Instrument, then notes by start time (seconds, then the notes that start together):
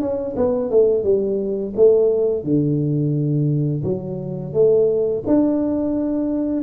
tuba
0.00 C#4
0.36 B3
0.70 A3
1.03 G3
1.76 A3
2.44 D3
3.83 F#3
4.53 A3
5.26 D4